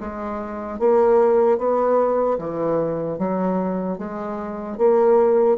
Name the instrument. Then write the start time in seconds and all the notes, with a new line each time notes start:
bassoon
0.00 G#3
0.79 A#3
1.58 B3
2.38 E3
3.18 F#3
3.98 G#3
4.77 A#3